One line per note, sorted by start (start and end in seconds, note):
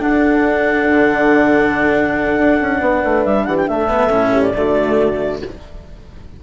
0.00 3.88 D4
0.00 0.87 D4
0.00 2.80 A4
0.00 3.25 F#5
0.90 2.38 D3
2.38 2.60 D4
2.61 2.81 C#4
2.80 3.02 B3
2.80 3.45 B4
3.04 3.25 A3
3.25 3.47 G3
3.25 3.45 E5
3.45 3.68 E3
3.45 3.69 G4
3.45 3.56 F#5
3.57 3.68 G5
3.68 4.10 A3
3.68 4.32 A4
3.68 4.42 E5
3.88 4.09 B3
4.10 4.53 A2
4.10 4.53 C#4
4.32 4.54 G4
4.42 5.39 D5
4.55 5.41 D3
4.55 5.42 A3
4.55 5.43 F#4